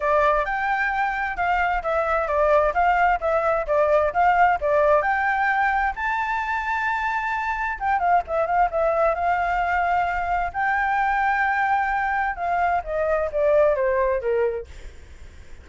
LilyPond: \new Staff \with { instrumentName = "flute" } { \time 4/4 \tempo 4 = 131 d''4 g''2 f''4 | e''4 d''4 f''4 e''4 | d''4 f''4 d''4 g''4~ | g''4 a''2.~ |
a''4 g''8 f''8 e''8 f''8 e''4 | f''2. g''4~ | g''2. f''4 | dis''4 d''4 c''4 ais'4 | }